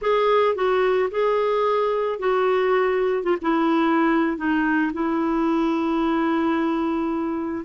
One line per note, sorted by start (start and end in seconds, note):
0.01 0.55 G#4
0.55 1.09 F#4
1.10 2.19 G#4
2.19 3.23 F#4
3.23 3.37 F4
3.41 4.37 E4
4.37 4.91 D#4
4.93 7.64 E4